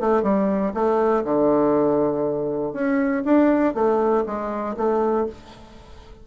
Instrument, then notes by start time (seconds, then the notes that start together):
bassoon
0.00 A3
0.22 G3
0.74 A3
1.24 D3
2.73 C#4
3.25 D4
3.74 A3
4.26 G#3
4.77 A3